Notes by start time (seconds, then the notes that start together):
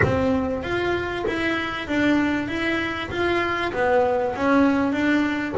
0.03 C4
0.63 F4
1.27 E4
1.87 D4
2.48 E4
3.10 F4
3.73 B3
4.35 C#4
4.92 D4